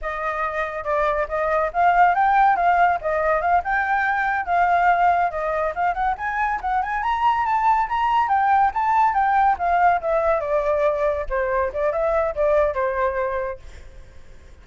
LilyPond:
\new Staff \with { instrumentName = "flute" } { \time 4/4 \tempo 4 = 141 dis''2 d''4 dis''4 | f''4 g''4 f''4 dis''4 | f''8 g''2 f''4.~ | f''8 dis''4 f''8 fis''8 gis''4 fis''8 |
gis''8 ais''4 a''4 ais''4 g''8~ | g''8 a''4 g''4 f''4 e''8~ | e''8 d''2 c''4 d''8 | e''4 d''4 c''2 | }